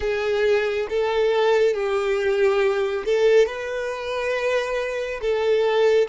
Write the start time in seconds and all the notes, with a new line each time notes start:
0.00 G#4
0.89 A4
1.74 G4
3.05 A4
3.46 B4
5.21 A4